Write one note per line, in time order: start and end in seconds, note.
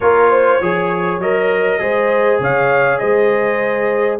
0.00 0.60 A#3
0.00 0.60 F4
0.00 0.30 A#4
0.00 1.20 C#5
0.30 0.60 C5
0.60 1.19 F3
0.60 1.21 G#4
0.60 1.80 C#5
1.19 1.79 F#3
1.19 1.79 A#4
1.19 2.41 D#5
1.79 2.39 G#3
1.79 4.19 G#4
1.79 2.40 C5
2.40 3.00 C#3
2.40 2.99 C#5
2.40 2.98 F5
2.98 4.20 G#3
2.98 4.19 C5
2.98 4.18 D#5